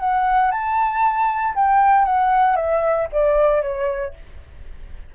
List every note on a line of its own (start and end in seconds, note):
0.00 0.51 F#5
0.51 1.55 A5
1.55 2.05 G5
2.05 2.56 F#5
2.56 3.08 E5
3.12 3.62 D5
3.62 4.14 C#5